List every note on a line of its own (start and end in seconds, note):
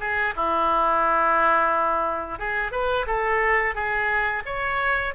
0.00 0.34 G#4
0.36 2.39 E4
2.39 2.72 G#4
2.72 3.06 B4
3.07 3.75 A4
3.75 4.43 G#4
4.46 5.14 C#5